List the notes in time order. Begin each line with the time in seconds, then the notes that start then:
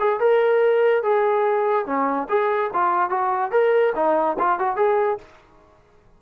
0.00 G#4
0.20 A#4
1.03 G#4
1.86 C#4
2.29 G#4
2.73 F4
3.10 F#4
3.51 A#4
3.95 D#4
4.39 F4
4.59 F#4
4.77 G#4